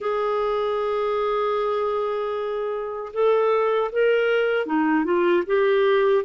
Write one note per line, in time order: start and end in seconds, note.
0.00 3.12 G#4
3.13 3.91 A4
3.92 4.65 A#4
4.65 5.04 D#4
5.04 5.43 F4
5.46 6.24 G4